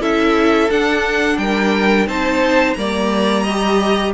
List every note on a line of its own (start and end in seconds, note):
0.00 0.69 C#4
0.00 0.70 E4
0.00 1.39 A4
0.00 0.71 E5
0.71 2.07 D4
0.71 1.38 D4
0.71 1.38 F#5
1.38 2.07 G3
1.38 2.08 A#4
1.38 2.07 G5
2.07 2.76 C4
2.07 2.76 D#4
2.07 2.77 C5
2.07 2.74 A5
2.74 4.14 G3
2.74 3.47 A#3
2.74 3.44 D5
2.74 4.11 A#5
3.44 4.14 G4
3.44 4.13 D#5